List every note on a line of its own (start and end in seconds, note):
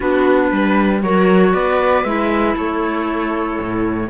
0.00 0.51 B3
0.00 1.01 D4
0.00 0.51 F#4
0.00 1.02 B4
0.51 1.02 G3
0.51 1.03 B4
1.02 1.53 F#3
1.02 2.05 F#4
1.02 1.52 A#4
1.02 1.53 C#5
1.52 2.04 B3
1.52 2.54 B4
1.52 2.04 D5
2.04 2.55 G#3
2.04 4.10 E4
2.04 2.55 E5
2.54 3.58 A3
2.54 4.08 A4
2.54 4.10 C#5
3.60 4.10 A2